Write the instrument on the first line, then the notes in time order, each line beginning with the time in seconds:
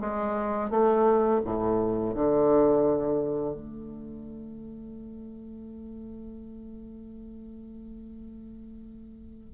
bassoon
0.00 G#3
0.70 A3
1.44 A2
2.14 D3
3.54 A3